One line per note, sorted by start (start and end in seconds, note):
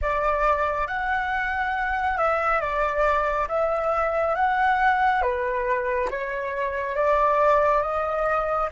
0.01 0.87 D5
0.87 2.17 F#5
2.17 2.60 E5
2.60 3.47 D5
3.48 4.35 E5
4.35 5.22 F#5
5.22 6.09 B4
6.10 6.95 C#5
6.95 7.82 D5
7.82 8.69 D#5